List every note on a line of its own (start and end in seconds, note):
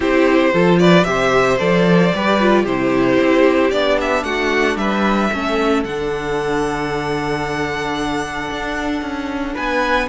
0.00 0.52 C4
0.00 0.53 E4
0.00 0.52 G4
0.00 0.78 C5
0.53 1.06 F3
0.53 1.04 F4
0.53 0.79 A4
0.78 1.07 B4
0.78 1.04 D5
1.04 1.59 C3
1.04 1.57 G4
1.04 2.15 C5
1.04 1.57 E5
1.58 2.12 F3
1.58 2.12 A4
1.58 2.65 D5
2.14 2.64 G3
2.14 2.40 G4
2.14 2.62 B4
2.40 2.66 F4
2.62 3.17 C3
2.62 3.71 E4
2.62 4.22 G4
2.62 3.71 C5
3.19 3.72 C4
3.71 4.23 B3
3.71 5.31 D4
3.71 3.97 D5
4.00 4.23 E5
4.23 4.76 A3
4.23 4.78 F#4
4.23 4.76 F#5
4.76 5.29 G3
4.76 5.31 B4
4.76 5.83 E5
5.31 5.84 A3
5.31 5.85 C#4
5.31 9.53 A4
5.83 8.49 D3
5.83 10.08 D4
5.83 9.55 F#5
8.50 9.01 D4
9.01 9.54 C#4
9.53 10.08 B3
9.53 10.07 B4
9.53 10.08 G#5